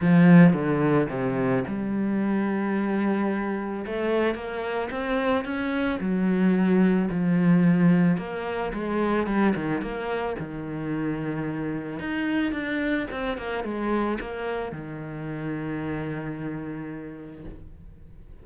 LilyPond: \new Staff \with { instrumentName = "cello" } { \time 4/4 \tempo 4 = 110 f4 d4 c4 g4~ | g2. a4 | ais4 c'4 cis'4 fis4~ | fis4 f2 ais4 |
gis4 g8 dis8 ais4 dis4~ | dis2 dis'4 d'4 | c'8 ais8 gis4 ais4 dis4~ | dis1 | }